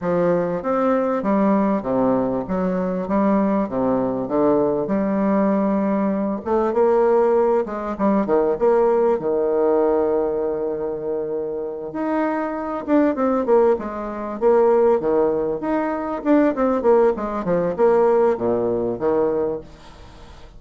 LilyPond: \new Staff \with { instrumentName = "bassoon" } { \time 4/4 \tempo 4 = 98 f4 c'4 g4 c4 | fis4 g4 c4 d4 | g2~ g8 a8 ais4~ | ais8 gis8 g8 dis8 ais4 dis4~ |
dis2.~ dis8 dis'8~ | dis'4 d'8 c'8 ais8 gis4 ais8~ | ais8 dis4 dis'4 d'8 c'8 ais8 | gis8 f8 ais4 ais,4 dis4 | }